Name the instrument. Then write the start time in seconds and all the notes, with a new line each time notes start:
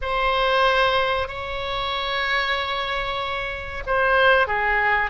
oboe
0.01 C5
1.28 C#5
3.86 C5
4.47 G#4